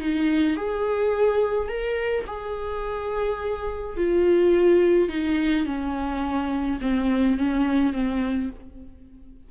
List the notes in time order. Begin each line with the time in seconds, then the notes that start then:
0.00 D#4
0.57 G#4
1.68 A#4
2.27 G#4
3.97 F4
5.09 D#4
5.66 C#4
6.81 C4
7.38 C#4
7.93 C4